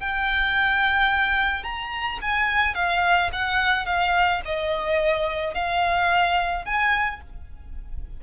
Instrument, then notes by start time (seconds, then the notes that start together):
violin
0.00 G5
1.64 A#5
2.22 G#5
2.75 F5
3.33 F#5
3.86 F5
4.45 D#5
5.55 F5
6.65 G#5